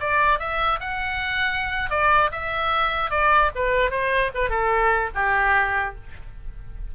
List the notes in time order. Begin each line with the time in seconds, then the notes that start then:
0.00 D5
0.39 E5
0.80 F#5
1.90 D5
2.32 E5
3.11 D5
3.55 B4
3.91 C5
4.34 B4
4.50 A4
5.15 G4